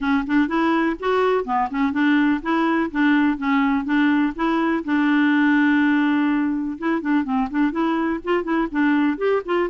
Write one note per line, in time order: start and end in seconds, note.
0.00 0.24 C#4
0.27 0.48 D4
0.48 0.96 E4
0.99 1.44 F#4
1.44 1.68 B3
1.70 1.92 C#4
1.92 2.40 D4
2.42 2.91 E4
2.91 3.37 D4
3.37 3.85 C#4
3.85 4.33 D4
4.35 4.84 E4
4.84 6.77 D4
6.78 7.01 E4
7.01 7.24 D4
7.24 7.48 C4
7.50 7.71 D4
7.71 8.20 E4
8.24 8.43 F4
8.43 8.67 E4
8.71 9.17 D4
9.17 9.42 G4
9.45 9.69 F4